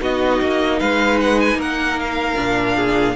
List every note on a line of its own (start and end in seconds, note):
0.00 0.41 B3
0.00 2.36 D#4
0.00 0.80 F#4
0.00 0.80 D#5
0.41 0.81 A#3
0.80 1.55 G#3
0.80 1.58 B4
0.80 1.19 F5
1.21 1.40 F#5
1.40 1.60 G#5
1.55 2.34 A#3
1.55 2.75 A#4
1.61 2.00 F#5
2.00 3.16 F5
2.36 3.16 A#2
2.36 3.15 D4
2.75 3.15 G#4